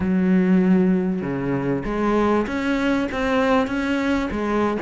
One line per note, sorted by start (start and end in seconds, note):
0.00 1.21 F#3
1.21 1.83 C#3
1.84 2.46 G#3
2.46 3.08 C#4
3.11 3.67 C4
3.67 4.28 C#4
4.31 4.77 G#3